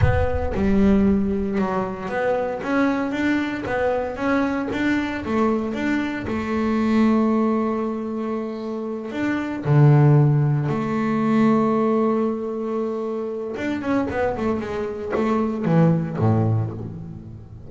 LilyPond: \new Staff \with { instrumentName = "double bass" } { \time 4/4 \tempo 4 = 115 b4 g2 fis4 | b4 cis'4 d'4 b4 | cis'4 d'4 a4 d'4 | a1~ |
a4. d'4 d4.~ | d8 a2.~ a8~ | a2 d'8 cis'8 b8 a8 | gis4 a4 e4 a,4 | }